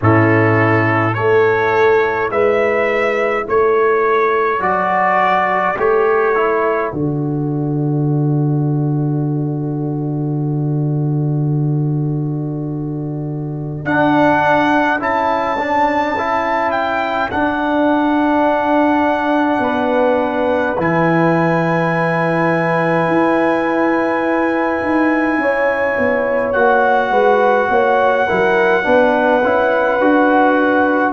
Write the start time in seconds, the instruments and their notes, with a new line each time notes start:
0.01 tuba A2, trombone C#4, horn E4, trumpet A4
1.13 tuba A3, trombone E4, horn A4, trumpet C#5
2.29 tuba G#3, horn B4, trumpet E5
3.46 tuba A3, horn A4, trumpet C#5
4.59 tuba F#3, trombone F#4, trumpet D5
5.76 tuba A3, trombone G4, trumpet C#5
6.35 trombone E4
6.92 tuba D3, trombone F#4, trumpet D5
13.84 tuba D4, trombone D4, trumpet F#5
14.98 tuba C#4, trombone E4, trumpet A5
15.58 trombone D4
16.18 trombone E4
16.71 trumpet G5
17.30 trombone D4, tuba D4, trumpet F#5
19.59 tuba B3, horn B4
20.78 tuba E3, trombone E4, trumpet G#5
23.08 tuba E4
24.82 tuba D#4
25.37 tuba C#4, horn C#5
25.98 tuba B3
26.52 tuba A#3, trombone F#4, trumpet F#5
27.10 tuba G#3, horn B4
27.69 tuba A#3, horn C#5
28.26 tuba F#3, trombone E4, horn A#4
28.83 tuba B3, trombone D4, horn B4
29.43 tuba C#4, trombone E4
29.99 tuba D4, trombone F#4